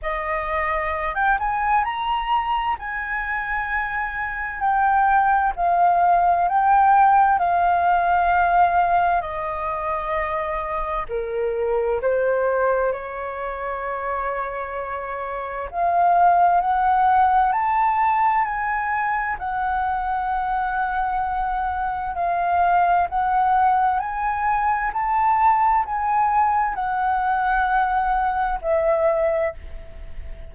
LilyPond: \new Staff \with { instrumentName = "flute" } { \time 4/4 \tempo 4 = 65 dis''4~ dis''16 g''16 gis''8 ais''4 gis''4~ | gis''4 g''4 f''4 g''4 | f''2 dis''2 | ais'4 c''4 cis''2~ |
cis''4 f''4 fis''4 a''4 | gis''4 fis''2. | f''4 fis''4 gis''4 a''4 | gis''4 fis''2 e''4 | }